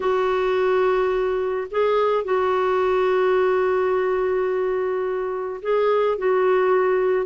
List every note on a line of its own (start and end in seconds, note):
0.00 1.67 F#4
1.71 2.24 G#4
2.24 5.60 F#4
5.62 6.18 G#4
6.18 7.26 F#4